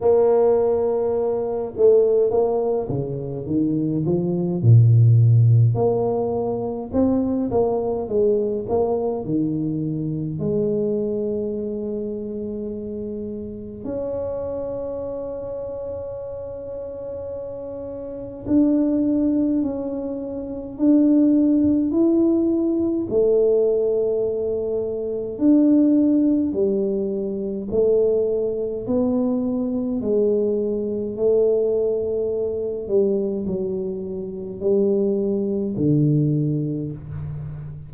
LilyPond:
\new Staff \with { instrumentName = "tuba" } { \time 4/4 \tempo 4 = 52 ais4. a8 ais8 cis8 dis8 f8 | ais,4 ais4 c'8 ais8 gis8 ais8 | dis4 gis2. | cis'1 |
d'4 cis'4 d'4 e'4 | a2 d'4 g4 | a4 b4 gis4 a4~ | a8 g8 fis4 g4 d4 | }